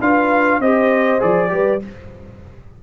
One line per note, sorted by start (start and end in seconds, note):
0.00 0.59 D4
0.00 0.62 F4
0.00 0.59 B4
0.00 0.61 F5
0.59 1.20 C4
0.59 1.19 G4
0.59 1.50 C5
0.59 1.21 D#5
1.19 1.52 F3
1.19 1.49 G#4
1.19 1.82 D5
1.49 1.82 G3
1.49 1.79 G4
1.49 1.83 B4